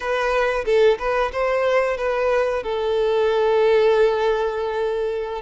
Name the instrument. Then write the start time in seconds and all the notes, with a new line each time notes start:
violin
0.00 B4
0.65 A4
0.98 B4
1.32 C5
1.97 B4
2.63 A4